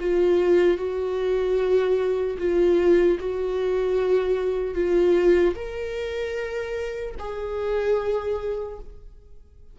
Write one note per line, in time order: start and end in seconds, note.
0.00 0.78 F4
0.78 2.38 F#4
2.39 3.19 F4
3.20 4.75 F#4
4.75 5.55 F4
5.56 7.16 A#4
7.19 8.79 G#4